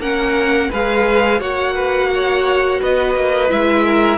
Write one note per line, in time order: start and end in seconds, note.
0.00 0.70 A#3
0.00 0.71 C#4
0.00 0.70 A#4
0.00 0.72 F#5
0.70 1.41 G#3
0.70 1.40 G#4
0.70 1.39 B4
0.70 1.41 F5
1.39 2.81 A#3
1.39 3.49 F#4
1.39 1.74 C#5
1.39 2.81 F#5
1.75 2.10 B4
2.14 2.81 C#5
2.81 3.15 B3
2.81 3.85 B4
2.81 3.51 D#5
3.15 3.50 A#3
3.49 4.18 G#3
3.49 4.18 E4
3.49 4.18 E5
3.85 4.18 A#4